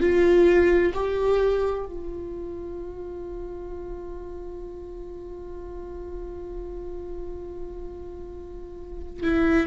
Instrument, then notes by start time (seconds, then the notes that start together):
viola
0.00 F4
0.93 G4
1.85 F4
9.23 E4